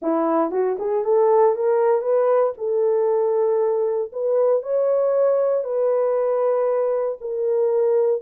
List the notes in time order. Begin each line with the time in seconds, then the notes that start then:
0.01 E4
0.51 F#4
0.79 G#4
1.04 A4
1.55 A#4
2.01 B4
2.57 A4
4.12 B4
4.62 C#5
5.64 B4
7.20 A#4